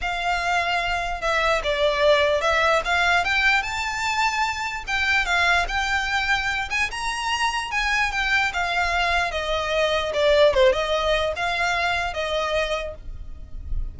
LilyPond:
\new Staff \with { instrumentName = "violin" } { \time 4/4 \tempo 4 = 148 f''2. e''4 | d''2 e''4 f''4 | g''4 a''2. | g''4 f''4 g''2~ |
g''8 gis''8 ais''2 gis''4 | g''4 f''2 dis''4~ | dis''4 d''4 c''8 dis''4. | f''2 dis''2 | }